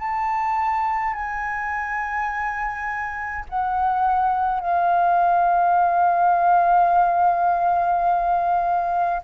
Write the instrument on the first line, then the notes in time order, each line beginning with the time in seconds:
flute
0.00 A5
1.14 G#5
3.50 F#5
4.60 F5